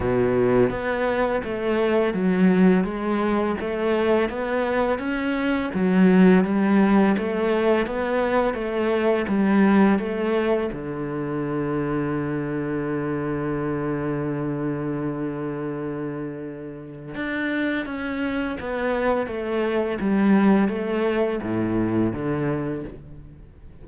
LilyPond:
\new Staff \with { instrumentName = "cello" } { \time 4/4 \tempo 4 = 84 b,4 b4 a4 fis4 | gis4 a4 b4 cis'4 | fis4 g4 a4 b4 | a4 g4 a4 d4~ |
d1~ | d1 | d'4 cis'4 b4 a4 | g4 a4 a,4 d4 | }